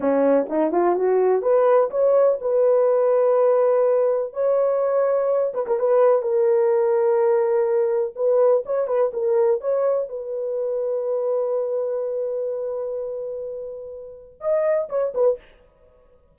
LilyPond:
\new Staff \with { instrumentName = "horn" } { \time 4/4 \tempo 4 = 125 cis'4 dis'8 f'8 fis'4 b'4 | cis''4 b'2.~ | b'4 cis''2~ cis''8 b'16 ais'16 | b'4 ais'2.~ |
ais'4 b'4 cis''8 b'8 ais'4 | cis''4 b'2.~ | b'1~ | b'2 dis''4 cis''8 b'8 | }